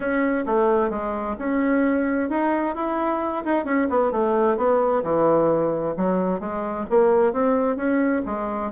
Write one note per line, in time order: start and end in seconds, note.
0.00 0.44 C#4
0.45 0.90 A3
0.90 1.36 G#3
1.38 2.29 C#4
2.29 2.75 D#4
2.75 3.44 E4
3.45 3.64 D#4
3.64 3.87 C#4
3.89 4.11 B3
4.11 4.57 A3
4.57 5.03 B3
5.03 5.95 E3
5.96 6.39 F#3
6.39 6.85 G#3
6.90 7.32 A#3
7.32 7.76 C4
7.76 8.22 C#4
8.25 8.71 G#3